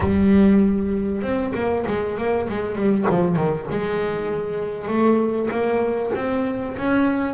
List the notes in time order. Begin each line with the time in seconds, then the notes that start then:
0.00 G3
1.22 C4
1.54 A#3
1.86 G#3
2.17 A#3
2.49 G#3
2.75 G3
3.10 F3
3.35 D#3
3.70 G#3
4.87 A3
5.50 A#3
6.15 C4
6.77 C#4